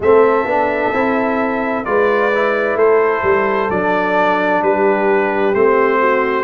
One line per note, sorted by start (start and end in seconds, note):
0.00 0.44 A3
0.00 0.47 C4
0.00 1.88 A4
0.00 1.84 E5
0.44 0.90 B3
0.44 0.93 D4
0.92 1.85 C4
0.92 1.85 E4
1.84 2.75 G#3
1.84 2.31 F4
1.84 2.77 B4
1.84 2.77 D5
2.34 3.70 E4
2.75 3.21 A3
2.75 4.62 A4
2.75 3.70 C5
3.23 3.69 G3
3.70 4.62 F#3
3.70 5.54 D4
3.70 4.62 D5
4.62 5.54 G3
4.62 5.99 G4
4.62 5.54 B4
5.54 6.44 A3
5.54 6.44 C4
5.54 6.44 C5
5.99 6.44 F#4